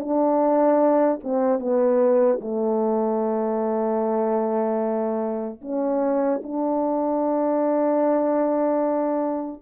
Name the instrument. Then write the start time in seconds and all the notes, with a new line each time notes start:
horn
0.00 D4
1.24 C4
1.60 B3
2.41 A3
5.62 C#4
6.44 D4